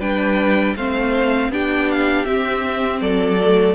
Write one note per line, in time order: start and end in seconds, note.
0.00 0.75 G3
0.00 0.76 D4
0.00 0.75 B4
0.00 0.76 G5
0.76 1.49 A3
0.76 1.52 C4
0.76 1.52 C5
0.76 1.52 F5
1.49 2.24 B3
1.49 2.26 D4
1.49 3.02 G4
1.49 1.91 G5
1.91 2.25 F5
2.25 3.38 C4
2.25 3.01 C4
2.25 3.00 E5
3.01 3.75 F#3
3.01 3.75 A4
3.01 3.75 D5
3.41 3.75 A3